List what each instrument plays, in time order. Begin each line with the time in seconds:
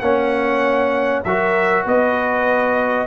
0.00 tuba A#3, trombone C#4, horn C#5, trumpet F#5
1.24 tuba F#3, trombone F#4, horn A#4, trumpet E5
1.85 tuba B3, horn B4, trumpet D#5